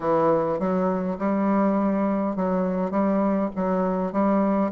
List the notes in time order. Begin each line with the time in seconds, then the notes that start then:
0.00 E3
0.59 F#3
1.18 G3
2.35 F#3
2.90 G3
3.55 F#3
4.12 G3